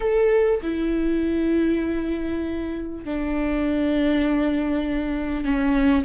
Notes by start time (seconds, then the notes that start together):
0.00 A4
0.62 E4
3.04 D4
5.45 C#4